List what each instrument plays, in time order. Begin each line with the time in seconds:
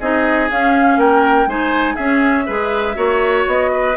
0.00 bassoon C4, clarinet D#4, oboe G#4, flute D#5
0.50 clarinet C#4, bassoon C#4, flute F5
0.97 bassoon A#3, oboe A#4, flute G5
1.46 bassoon G#3, clarinet D#4, oboe C5, flute G#5
1.95 clarinet C#4, bassoon C#4, oboe G#4, flute E5
2.46 bassoon G#3, clarinet G#4, oboe B4
2.95 bassoon A#3, clarinet F#4, oboe C#5
3.47 bassoon B3, flute D#5
3.73 oboe B4